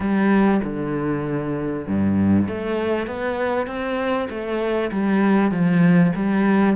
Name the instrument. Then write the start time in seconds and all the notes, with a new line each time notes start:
cello
0.00 G3
0.63 D3
1.87 G2
2.48 A3
3.06 B3
3.66 C4
4.29 A3
4.91 G3
5.51 F3
6.15 G3